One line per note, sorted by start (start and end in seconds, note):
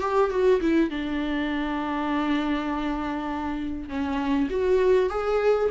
0.00 0.30 G4
0.30 0.60 F#4
0.60 0.90 E4
0.90 3.88 D4
3.88 4.48 C#4
4.50 5.09 F#4
5.09 5.69 G#4